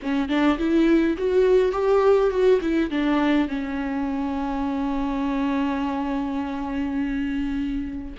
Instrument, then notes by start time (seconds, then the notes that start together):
viola
0.02 C#4
0.28 D4
0.58 E4
1.17 F#4
1.72 G4
2.30 F#4
2.61 E4
2.90 D4
3.47 C#4